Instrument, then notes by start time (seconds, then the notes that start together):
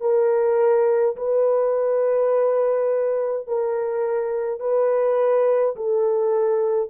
horn
0.00 A#4
1.16 B4
3.47 A#4
4.60 B4
5.76 A4